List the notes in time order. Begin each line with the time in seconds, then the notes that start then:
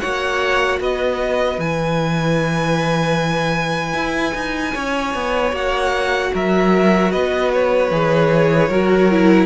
0.00 A#3 F#4 C#5 F#5
0.80 B3 B4 D#5
1.58 E3 E4 G#5
3.93 E4
4.35 D#4
4.74 C#4 C#5
5.14 B3
5.52 A#3 F#4 F#5
6.34 F#3 A#4 E5
7.12 B3 B4 D#5
7.53 C#5
7.91 E3 G#4
8.69 F#3 F#4 A#4
9.11 E4